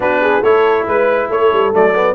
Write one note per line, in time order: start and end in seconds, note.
0.00 0.42 B3
0.00 0.41 D4
0.00 0.21 F#4
0.00 0.43 B4
0.21 0.40 G#4
0.40 0.86 A3
0.40 1.72 E4
0.40 0.84 A4
0.40 0.86 C#5
0.87 1.30 G#3
0.87 1.31 B4
0.87 1.29 B4
1.29 1.51 A3
1.29 2.14 A4
1.29 1.74 C#5
1.52 1.73 G3
1.72 2.14 F#3
1.72 1.94 A3
1.72 2.14 D5
1.94 2.14 B3